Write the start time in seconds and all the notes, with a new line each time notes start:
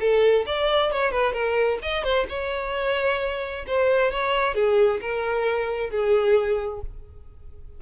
0.00 A4
0.46 D5
0.92 C#5
1.11 B4
1.33 A#4
1.82 D#5
2.04 C5
2.29 C#5
3.67 C5
4.11 C#5
4.55 G#4
5.01 A#4
5.90 G#4